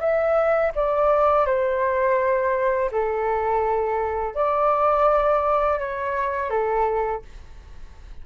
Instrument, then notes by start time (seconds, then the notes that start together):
flute
0.00 E5
0.76 D5
1.46 C5
2.92 A4
4.35 D5
5.79 C#5
6.50 A4